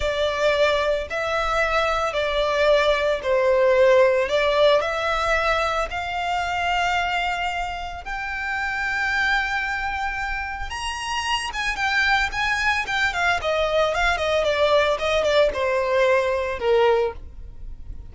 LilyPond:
\new Staff \with { instrumentName = "violin" } { \time 4/4 \tempo 4 = 112 d''2 e''2 | d''2 c''2 | d''4 e''2 f''4~ | f''2. g''4~ |
g''1 | ais''4. gis''8 g''4 gis''4 | g''8 f''8 dis''4 f''8 dis''8 d''4 | dis''8 d''8 c''2 ais'4 | }